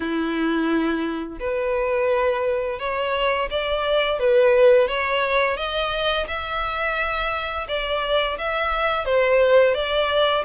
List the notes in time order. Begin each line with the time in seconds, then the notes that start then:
0.00 E4
1.39 B4
2.79 C#5
3.50 D5
4.19 B4
4.88 C#5
5.56 D#5
6.27 E5
7.67 D5
8.38 E5
9.05 C5
9.74 D5